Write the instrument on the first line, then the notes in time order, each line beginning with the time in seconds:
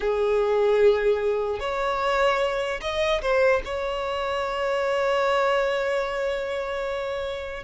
violin
0.00 G#4
1.59 C#5
2.81 D#5
3.21 C5
3.64 C#5